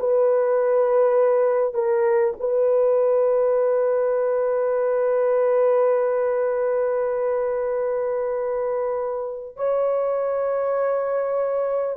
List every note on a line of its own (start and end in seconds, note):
0.00 1.75 B4
1.75 2.35 A#4
2.40 9.57 B4
9.57 11.97 C#5